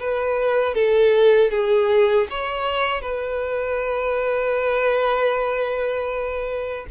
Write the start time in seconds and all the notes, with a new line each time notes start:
0.00 B4
0.75 A4
1.51 G#4
2.30 C#5
3.02 B4